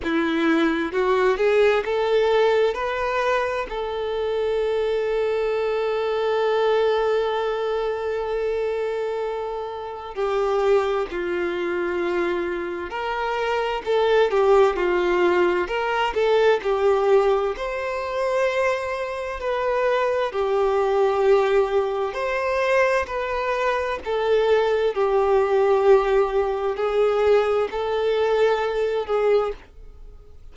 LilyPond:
\new Staff \with { instrumentName = "violin" } { \time 4/4 \tempo 4 = 65 e'4 fis'8 gis'8 a'4 b'4 | a'1~ | a'2. g'4 | f'2 ais'4 a'8 g'8 |
f'4 ais'8 a'8 g'4 c''4~ | c''4 b'4 g'2 | c''4 b'4 a'4 g'4~ | g'4 gis'4 a'4. gis'8 | }